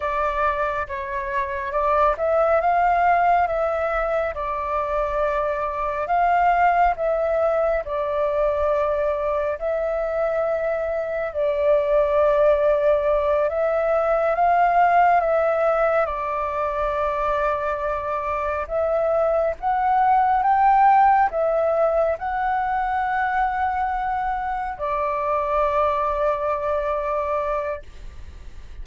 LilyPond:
\new Staff \with { instrumentName = "flute" } { \time 4/4 \tempo 4 = 69 d''4 cis''4 d''8 e''8 f''4 | e''4 d''2 f''4 | e''4 d''2 e''4~ | e''4 d''2~ d''8 e''8~ |
e''8 f''4 e''4 d''4.~ | d''4. e''4 fis''4 g''8~ | g''8 e''4 fis''2~ fis''8~ | fis''8 d''2.~ d''8 | }